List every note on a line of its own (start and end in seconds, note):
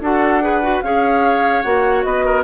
0.00 0.81 D4
0.00 0.41 F#4
0.00 0.43 A4
0.00 0.81 F#5
0.41 0.61 G#4
0.41 0.83 B4
0.62 0.82 F#4
0.81 1.64 C#4
0.81 1.64 G#4
0.81 2.05 C#5
0.81 1.62 F5
1.62 2.04 A#3
1.62 2.44 F#4
1.62 2.02 F#5
2.03 2.44 B3
2.03 2.24 B4
2.03 2.43 D#5
2.24 2.44 A#4